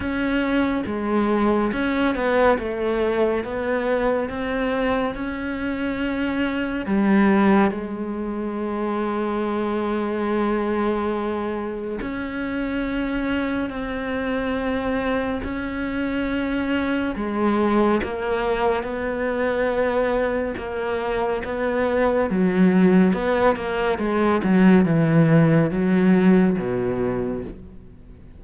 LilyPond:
\new Staff \with { instrumentName = "cello" } { \time 4/4 \tempo 4 = 70 cis'4 gis4 cis'8 b8 a4 | b4 c'4 cis'2 | g4 gis2.~ | gis2 cis'2 |
c'2 cis'2 | gis4 ais4 b2 | ais4 b4 fis4 b8 ais8 | gis8 fis8 e4 fis4 b,4 | }